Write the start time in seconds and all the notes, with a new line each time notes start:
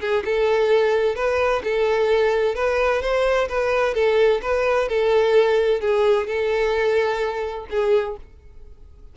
0.00 G#4
0.25 A4
1.15 B4
1.64 A4
2.55 B4
3.01 C5
3.48 B4
3.94 A4
4.42 B4
4.88 A4
5.80 G#4
6.27 A4
7.70 G#4